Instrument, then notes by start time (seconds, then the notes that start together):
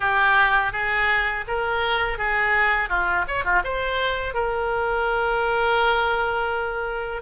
oboe
0.00 G4
0.72 G#4
1.47 A#4
2.18 G#4
2.89 F4
3.27 C#5
3.44 F4
3.64 C5
4.34 A#4